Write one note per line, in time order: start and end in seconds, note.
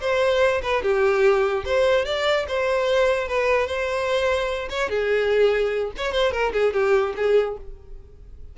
0.00 0.61 C5
0.62 0.82 B4
0.82 1.64 G4
1.65 2.05 C5
2.05 2.46 D5
2.47 3.28 C5
3.28 3.66 B4
3.66 4.68 C5
4.69 4.89 C#5
4.89 5.91 G#4
5.97 6.12 C#5
6.12 6.32 C5
6.32 6.52 A#4
6.52 6.73 G#4
6.73 7.14 G4
7.16 7.57 G#4